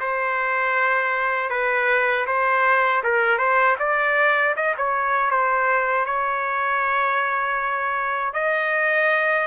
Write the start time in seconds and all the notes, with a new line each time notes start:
0.00 C5
1.50 B4
2.27 C5
3.04 A#4
3.39 C5
3.79 D5
4.56 D#5
4.78 C#5
5.31 C5
6.06 C#5
8.33 D#5